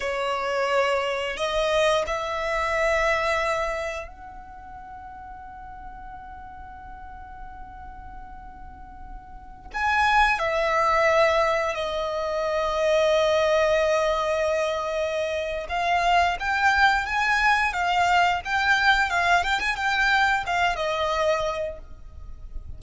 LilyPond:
\new Staff \with { instrumentName = "violin" } { \time 4/4 \tempo 4 = 88 cis''2 dis''4 e''4~ | e''2 fis''2~ | fis''1~ | fis''2~ fis''16 gis''4 e''8.~ |
e''4~ e''16 dis''2~ dis''8.~ | dis''2. f''4 | g''4 gis''4 f''4 g''4 | f''8 g''16 gis''16 g''4 f''8 dis''4. | }